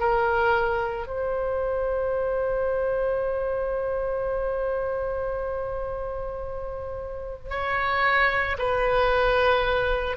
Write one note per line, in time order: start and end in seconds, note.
0.00 1.07 A#4
1.07 7.50 C5
7.50 8.57 C#5
8.59 10.17 B4